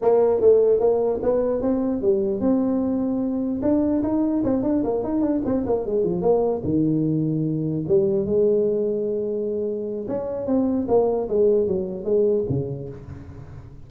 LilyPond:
\new Staff \with { instrumentName = "tuba" } { \time 4/4 \tempo 4 = 149 ais4 a4 ais4 b4 | c'4 g4 c'2~ | c'4 d'4 dis'4 c'8 d'8 | ais8 dis'8 d'8 c'8 ais8 gis8 f8 ais8~ |
ais8 dis2. g8~ | g8 gis2.~ gis8~ | gis4 cis'4 c'4 ais4 | gis4 fis4 gis4 cis4 | }